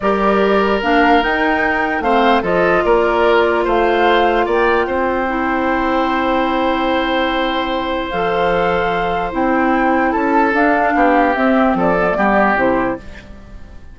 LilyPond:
<<
  \new Staff \with { instrumentName = "flute" } { \time 4/4 \tempo 4 = 148 d''2 f''4 g''4~ | g''4 f''4 dis''4 d''4~ | d''4 f''2 g''4~ | g''1~ |
g''1 | f''2. g''4~ | g''4 a''4 f''2 | e''4 d''2 c''4 | }
  \new Staff \with { instrumentName = "oboe" } { \time 4/4 ais'1~ | ais'4 c''4 a'4 ais'4~ | ais'4 c''2 d''4 | c''1~ |
c''1~ | c''1~ | c''4 a'2 g'4~ | g'4 a'4 g'2 | }
  \new Staff \with { instrumentName = "clarinet" } { \time 4/4 g'2 d'4 dis'4~ | dis'4 c'4 f'2~ | f'1~ | f'4 e'2.~ |
e'1 | a'2. e'4~ | e'2 d'2 | c'4. b16 a16 b4 e'4 | }
  \new Staff \with { instrumentName = "bassoon" } { \time 4/4 g2 ais4 dis'4~ | dis'4 a4 f4 ais4~ | ais4 a2 ais4 | c'1~ |
c'1 | f2. c'4~ | c'4 cis'4 d'4 b4 | c'4 f4 g4 c4 | }
>>